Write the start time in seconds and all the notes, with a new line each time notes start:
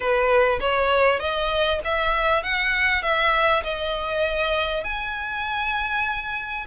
0.00 B4
0.60 C#5
1.19 D#5
1.84 E5
2.43 F#5
3.02 E5
3.63 D#5
4.84 G#5